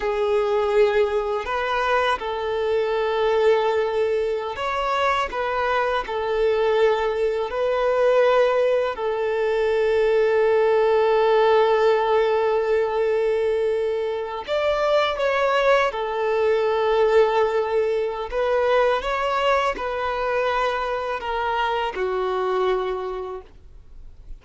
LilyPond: \new Staff \with { instrumentName = "violin" } { \time 4/4 \tempo 4 = 82 gis'2 b'4 a'4~ | a'2~ a'16 cis''4 b'8.~ | b'16 a'2 b'4.~ b'16~ | b'16 a'2.~ a'8.~ |
a'2.~ a'8. d''16~ | d''8. cis''4 a'2~ a'16~ | a'4 b'4 cis''4 b'4~ | b'4 ais'4 fis'2 | }